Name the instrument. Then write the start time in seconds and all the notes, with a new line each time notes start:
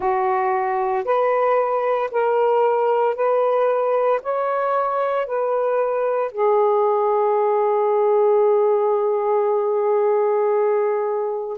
saxophone
0.00 F#4
1.04 B4
2.11 A#4
3.15 B4
4.22 C#5
5.26 B4
6.31 G#4